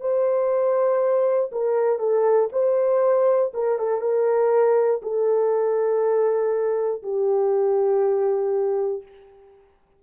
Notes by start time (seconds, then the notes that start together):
0.00 C5
1.52 A#4
1.99 A4
2.52 C5
3.54 A#4
3.79 A4
4.01 A#4
5.02 A4
7.03 G4